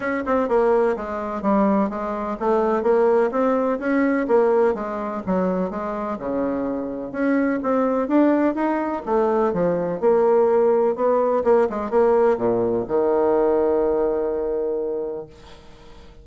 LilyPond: \new Staff \with { instrumentName = "bassoon" } { \time 4/4 \tempo 4 = 126 cis'8 c'8 ais4 gis4 g4 | gis4 a4 ais4 c'4 | cis'4 ais4 gis4 fis4 | gis4 cis2 cis'4 |
c'4 d'4 dis'4 a4 | f4 ais2 b4 | ais8 gis8 ais4 ais,4 dis4~ | dis1 | }